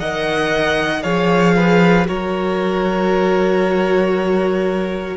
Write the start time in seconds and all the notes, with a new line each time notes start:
0.00 D#3 A#4 D#5 F#5
1.03 F3 G#4 C#5 F5
1.56 B4
2.06 F#3 F#4 A#4 C#5